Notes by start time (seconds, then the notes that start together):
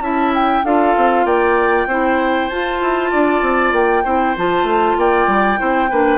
0.00 C#4 E4 E5 A5
0.35 G5
0.65 D4 F4 A4 F5
0.97 C4
1.25 A#3 D5 G5
1.87 C4 E4 C5
2.50 F4 A5
2.81 E4
3.11 D4 D5
3.42 C4
3.73 A#3 G5
4.04 C4 E4 C5
4.37 F3 F4 A5
4.63 A3
4.97 A#3 D5 G5
5.28 G3
5.58 C4 E4 C5
5.90 A#3 D4 B4